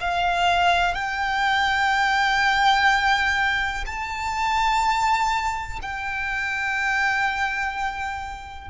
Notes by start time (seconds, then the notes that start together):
0.00 F5
0.94 G5
3.86 A5
5.82 G5